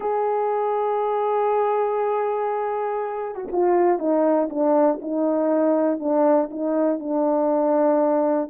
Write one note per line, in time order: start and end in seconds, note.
0.00 3.35 G#4
3.35 3.47 F#4
3.52 3.98 F4
3.98 4.48 D#4
4.49 4.99 D4
5.01 5.99 D#4
5.99 6.49 D4
6.50 6.99 D#4
6.99 8.49 D4